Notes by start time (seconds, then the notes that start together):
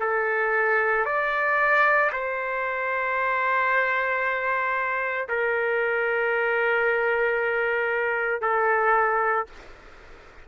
0.00 A4
1.05 D5
2.12 C5
5.29 A#4
8.42 A4